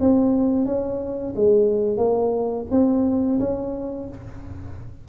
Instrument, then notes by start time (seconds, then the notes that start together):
tuba
0.00 C4
0.65 C#4
1.35 G#3
1.97 A#3
2.71 C4
3.40 C#4